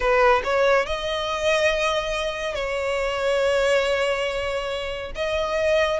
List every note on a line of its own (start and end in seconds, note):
0.00 0.42 B4
0.44 0.86 C#5
0.86 2.54 D#5
2.54 5.12 C#5
5.15 6.00 D#5